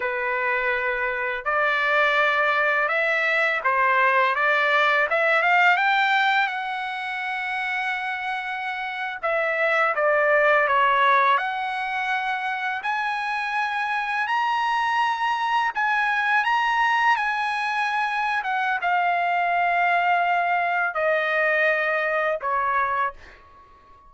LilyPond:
\new Staff \with { instrumentName = "trumpet" } { \time 4/4 \tempo 4 = 83 b'2 d''2 | e''4 c''4 d''4 e''8 f''8 | g''4 fis''2.~ | fis''8. e''4 d''4 cis''4 fis''16~ |
fis''4.~ fis''16 gis''2 ais''16~ | ais''4.~ ais''16 gis''4 ais''4 gis''16~ | gis''4. fis''8 f''2~ | f''4 dis''2 cis''4 | }